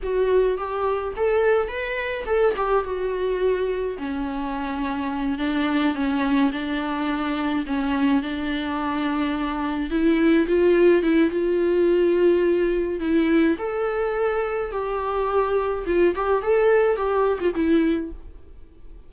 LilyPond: \new Staff \with { instrumentName = "viola" } { \time 4/4 \tempo 4 = 106 fis'4 g'4 a'4 b'4 | a'8 g'8 fis'2 cis'4~ | cis'4. d'4 cis'4 d'8~ | d'4. cis'4 d'4.~ |
d'4. e'4 f'4 e'8 | f'2. e'4 | a'2 g'2 | f'8 g'8 a'4 g'8. f'16 e'4 | }